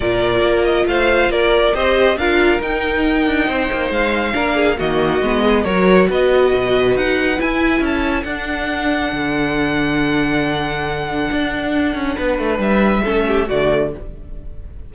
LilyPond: <<
  \new Staff \with { instrumentName = "violin" } { \time 4/4 \tempo 4 = 138 d''4. dis''8 f''4 d''4 | dis''4 f''4 g''2~ | g''4 f''2 dis''4~ | dis''4 cis''4 dis''2 |
fis''4 gis''4 a''4 fis''4~ | fis''1~ | fis''1~ | fis''4 e''2 d''4 | }
  \new Staff \with { instrumentName = "violin" } { \time 4/4 ais'2 c''4 ais'4 | c''4 ais'2. | c''2 ais'8 gis'8 fis'4~ | fis'8 gis'8 ais'4 b'2~ |
b'2 a'2~ | a'1~ | a'1 | b'2 a'8 g'8 fis'4 | }
  \new Staff \with { instrumentName = "viola" } { \time 4/4 f'1 | g'4 f'4 dis'2~ | dis'2 d'4 ais4 | b4 fis'2.~ |
fis'4 e'2 d'4~ | d'1~ | d'1~ | d'2 cis'4 a4 | }
  \new Staff \with { instrumentName = "cello" } { \time 4/4 ais,4 ais4 a4 ais4 | c'4 d'4 dis'4. d'8 | c'8 ais8 gis4 ais4 dis4 | gis4 fis4 b4 b,4 |
dis'4 e'4 cis'4 d'4~ | d'4 d2.~ | d2 d'4. cis'8 | b8 a8 g4 a4 d4 | }
>>